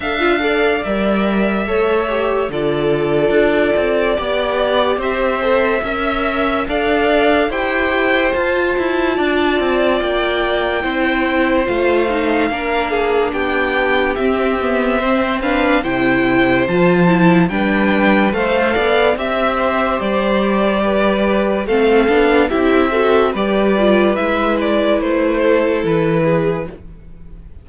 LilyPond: <<
  \new Staff \with { instrumentName = "violin" } { \time 4/4 \tempo 4 = 72 f''4 e''2 d''4~ | d''2 e''2 | f''4 g''4 a''2 | g''2 f''2 |
g''4 e''4. f''8 g''4 | a''4 g''4 f''4 e''4 | d''2 f''4 e''4 | d''4 e''8 d''8 c''4 b'4 | }
  \new Staff \with { instrumentName = "violin" } { \time 4/4 e''8 d''4. cis''4 a'4~ | a'4 d''4 c''4 e''4 | d''4 c''2 d''4~ | d''4 c''2 ais'8 gis'8 |
g'2 c''8 b'8 c''4~ | c''4 b'4 c''8 d''8 e''8 c''8~ | c''4 b'4 a'4 g'8 a'8 | b'2~ b'8 a'4 gis'8 | }
  \new Staff \with { instrumentName = "viola" } { \time 4/4 a'16 f'16 a'8 ais'4 a'8 g'8 f'4~ | f'4 g'4. a'8 ais'4 | a'4 g'4 f'2~ | f'4 e'4 f'8 dis'8 d'4~ |
d'4 c'8 b8 c'8 d'8 e'4 | f'8 e'8 d'4 a'4 g'4~ | g'2 c'8 d'8 e'8 fis'8 | g'8 f'8 e'2. | }
  \new Staff \with { instrumentName = "cello" } { \time 4/4 d'4 g4 a4 d4 | d'8 c'8 b4 c'4 cis'4 | d'4 e'4 f'8 e'8 d'8 c'8 | ais4 c'4 a4 ais4 |
b4 c'2 c4 | f4 g4 a8 b8 c'4 | g2 a8 b8 c'4 | g4 gis4 a4 e4 | }
>>